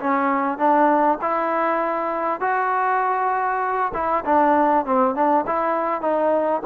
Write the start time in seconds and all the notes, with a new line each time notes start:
0.00 C#4
0.58 D4
1.21 E4
2.40 F#4
3.94 E4
4.25 D4
4.85 C4
5.15 D4
5.47 E4
6.01 D#4